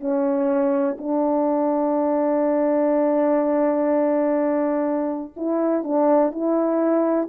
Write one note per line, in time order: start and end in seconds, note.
0.00 0.97 C#4
0.98 5.34 D4
5.36 5.84 E4
5.84 6.32 D4
6.32 7.28 E4